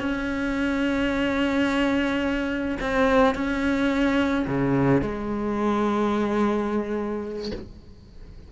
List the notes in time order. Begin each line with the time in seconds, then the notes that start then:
0.00 C#4
2.81 C4
3.35 C#4
4.47 C#3
5.02 G#3